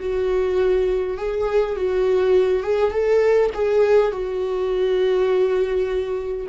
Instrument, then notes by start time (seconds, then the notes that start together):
viola
0.00 F#4
1.18 G#4
1.76 F#4
2.63 G#4
2.92 A4
3.55 G#4
4.12 F#4